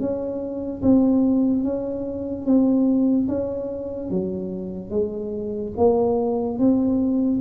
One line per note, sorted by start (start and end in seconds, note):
0.00 0.82 C#4
0.82 1.63 C4
1.63 2.45 C#4
2.45 3.28 C4
3.28 4.10 C#4
4.10 4.91 F#3
4.91 5.73 G#3
5.77 6.59 A#3
6.59 7.41 C4